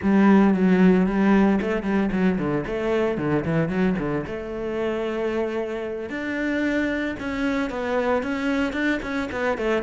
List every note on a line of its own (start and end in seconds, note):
0.02 0.54 G3
0.54 1.06 F#3
1.06 1.59 G3
1.61 1.82 A3
1.82 2.09 G3
2.12 2.38 F#3
2.38 2.65 D3
2.66 3.17 A3
3.17 3.44 D3
3.45 3.68 E3
3.68 3.95 F#3
3.98 4.25 D3
4.26 6.09 A3
6.09 7.15 D4
7.19 7.70 C#4
7.70 8.23 B3
8.23 8.72 C#4
8.72 8.99 D4
9.02 9.28 C#4
9.31 9.57 B3
9.57 9.82 A3